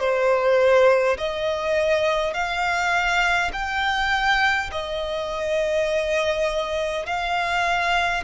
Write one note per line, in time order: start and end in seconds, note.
0.00 1.18 C5
1.18 2.34 D#5
2.34 3.52 F5
3.53 4.71 G5
4.72 7.06 D#5
7.06 8.24 F5